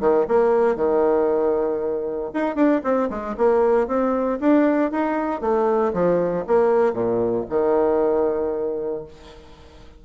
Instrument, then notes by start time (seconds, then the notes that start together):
bassoon
0.00 D#3
0.28 A#3
0.75 D#3
2.33 D#4
2.55 D4
2.83 C4
3.09 G#3
3.37 A#3
3.87 C4
4.40 D4
4.91 D#4
5.41 A3
5.93 F3
6.47 A#3
6.93 A#2
7.49 D#3